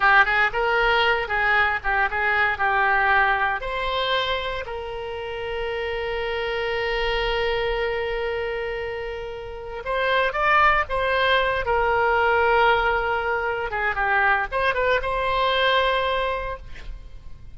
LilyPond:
\new Staff \with { instrumentName = "oboe" } { \time 4/4 \tempo 4 = 116 g'8 gis'8 ais'4. gis'4 g'8 | gis'4 g'2 c''4~ | c''4 ais'2.~ | ais'1~ |
ais'2. c''4 | d''4 c''4. ais'4.~ | ais'2~ ais'8 gis'8 g'4 | c''8 b'8 c''2. | }